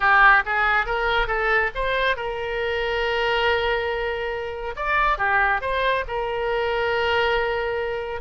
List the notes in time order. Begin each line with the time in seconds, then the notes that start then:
0.00 G4
0.45 G#4
0.86 A#4
1.27 A4
1.74 C5
2.16 A#4
4.76 D5
5.18 G4
5.61 C5
6.07 A#4